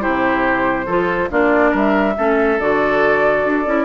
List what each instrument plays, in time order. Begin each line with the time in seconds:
0.00 bassoon C3, clarinet E4, oboe G4, flute C5
0.86 bassoon F3, clarinet F4, oboe A4
1.29 bassoon A#3, clarinet D4, oboe F4, flute D5
1.71 bassoon G3, oboe A#4, flute E5
2.16 bassoon A3, clarinet C#4, oboe A4
2.59 bassoon D3, clarinet F#4, flute D5
3.44 bassoon D4
3.65 bassoon C#4, clarinet E4